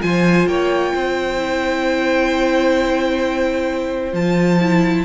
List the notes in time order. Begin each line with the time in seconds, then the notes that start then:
0.00 F3 F4 C5 G#5
0.47 A#3 C#5 G5
0.94 C4 C5
1.37 E4
4.12 F3 F4 A5
4.60 E4